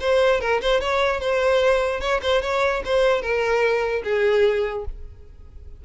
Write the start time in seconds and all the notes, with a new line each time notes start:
0.00 C5
0.41 A#4
0.61 C5
0.81 C#5
1.20 C5
2.00 C#5
2.22 C5
2.42 C#5
2.85 C5
3.21 A#4
4.04 G#4